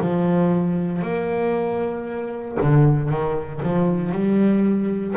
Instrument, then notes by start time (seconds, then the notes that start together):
double bass
0.00 F3
1.02 A#3
2.61 D3
3.08 D#3
3.62 F3
4.11 G3